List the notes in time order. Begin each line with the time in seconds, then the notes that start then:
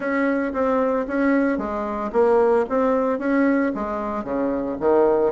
0.00 C#4
0.53 C4
1.07 C#4
1.57 G#3
2.12 A#3
2.69 C4
3.19 C#4
3.75 G#3
4.23 C#3
4.79 D#3